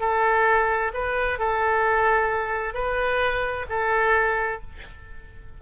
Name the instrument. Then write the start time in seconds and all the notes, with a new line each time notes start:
oboe
0.00 A4
0.94 B4
1.39 A4
2.74 B4
3.69 A4